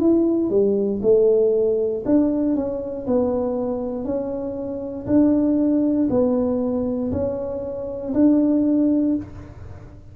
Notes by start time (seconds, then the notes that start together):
0.00 E4
0.50 G3
1.03 A3
2.06 D4
2.56 C#4
3.07 B3
4.05 C#4
5.07 D4
6.10 B3
7.12 C#4
8.14 D4